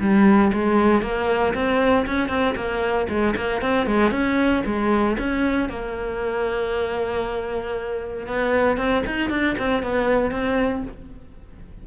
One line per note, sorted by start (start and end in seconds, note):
0.00 0.52 G3
0.53 1.02 G#3
1.02 1.54 A#3
1.54 2.06 C4
2.06 2.29 C#4
2.29 2.55 C4
2.56 3.08 A#3
3.09 3.35 G#3
3.36 3.62 A#3
3.62 3.87 C4
3.87 4.11 G#3
4.11 4.63 C#4
4.66 5.17 G#3
5.18 5.69 C#4
5.69 8.27 A#3
8.27 8.77 B3
8.77 9.03 C4
9.06 9.30 D#4
9.30 9.56 D4
9.59 9.83 C4
9.83 10.31 B3
10.31 10.83 C4